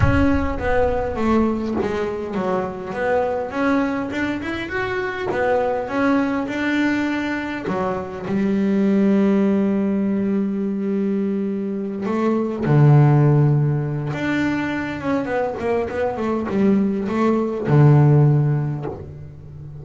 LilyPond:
\new Staff \with { instrumentName = "double bass" } { \time 4/4 \tempo 4 = 102 cis'4 b4 a4 gis4 | fis4 b4 cis'4 d'8 e'8 | fis'4 b4 cis'4 d'4~ | d'4 fis4 g2~ |
g1~ | g8 a4 d2~ d8 | d'4. cis'8 b8 ais8 b8 a8 | g4 a4 d2 | }